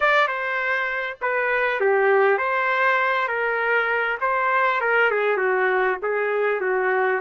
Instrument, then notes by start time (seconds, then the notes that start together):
trumpet
0.00 D5
0.27 C5
1.21 B4
1.80 G4
2.38 C5
3.28 A#4
4.20 C5
4.80 A#4
5.10 G#4
5.37 F#4
6.02 G#4
6.60 F#4